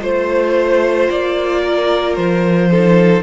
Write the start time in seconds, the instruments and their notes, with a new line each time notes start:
0.00 cello A3, viola F4, violin C5
1.10 cello A#3, violin D5
1.62 violin A#4
2.15 cello F3, violin C5
2.71 viola D#4, violin A4